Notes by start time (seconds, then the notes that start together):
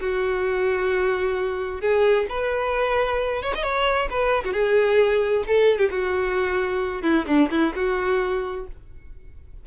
0.00 F#4
1.81 G#4
2.29 B4
3.42 C#5
3.55 D#5
3.63 C#5
4.10 B4
4.44 F#4
4.53 G#4
5.47 A4
5.78 G4
5.90 F#4
7.02 E4
7.27 D4
7.50 E4
7.75 F#4